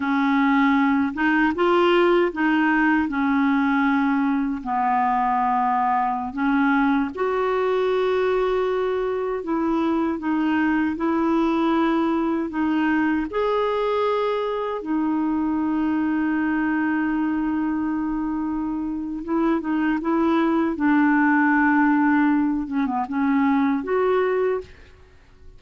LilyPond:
\new Staff \with { instrumentName = "clarinet" } { \time 4/4 \tempo 4 = 78 cis'4. dis'8 f'4 dis'4 | cis'2 b2~ | b16 cis'4 fis'2~ fis'8.~ | fis'16 e'4 dis'4 e'4.~ e'16~ |
e'16 dis'4 gis'2 dis'8.~ | dis'1~ | dis'4 e'8 dis'8 e'4 d'4~ | d'4. cis'16 b16 cis'4 fis'4 | }